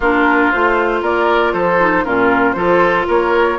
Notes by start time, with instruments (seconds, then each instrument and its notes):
0.00 bassoon A#3, clarinet D4, oboe F4, flute A#4
0.51 bassoon A3, clarinet F4, flute C5
1.01 bassoon A#3, oboe A#4, flute D5
1.53 bassoon F3, oboe A4, flute C5
1.80 clarinet D#4
2.04 bassoon A#2, clarinet C#4, oboe F4, flute A#4
2.52 bassoon F3, clarinet F4, oboe A4, flute C5
3.07 bassoon A#3, oboe A#4, flute C#5